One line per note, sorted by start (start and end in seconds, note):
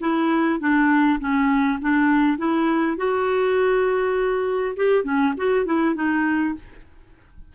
0.00 0.59 E4
0.60 1.19 D4
1.20 1.79 C#4
1.81 2.38 D4
2.38 2.97 E4
2.97 4.75 F#4
4.76 5.04 G4
5.04 5.33 C#4
5.37 5.65 F#4
5.65 5.95 E4
5.95 6.54 D#4